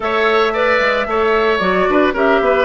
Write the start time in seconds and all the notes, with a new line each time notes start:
0.00 A3 A4 C#5 E5
0.53 B4 D5
0.80 G#3
1.06 A3 A4 C#5
1.58 F#3 F#4 D5
1.89 D4 B4
2.13 C#4 G4 A#4 E5
2.40 B3 B4